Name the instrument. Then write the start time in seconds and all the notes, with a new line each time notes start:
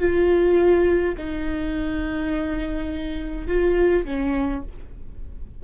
viola
0.00 F4
1.17 D#4
3.48 F4
4.05 C#4